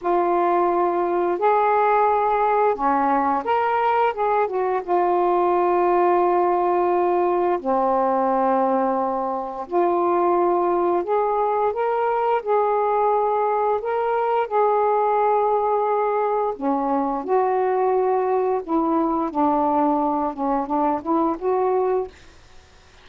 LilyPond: \new Staff \with { instrumentName = "saxophone" } { \time 4/4 \tempo 4 = 87 f'2 gis'2 | cis'4 ais'4 gis'8 fis'8 f'4~ | f'2. c'4~ | c'2 f'2 |
gis'4 ais'4 gis'2 | ais'4 gis'2. | cis'4 fis'2 e'4 | d'4. cis'8 d'8 e'8 fis'4 | }